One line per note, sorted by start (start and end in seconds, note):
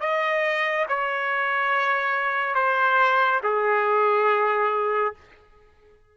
0.00 0.86 D#5
0.88 2.54 C#5
2.54 3.40 C5
3.43 5.14 G#4